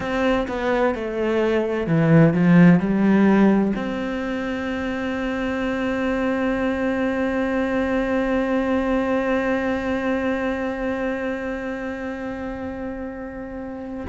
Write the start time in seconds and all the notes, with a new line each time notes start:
0.00 C4
0.48 B3
0.94 A3
1.87 E3
2.33 F3
2.79 G3
3.75 C4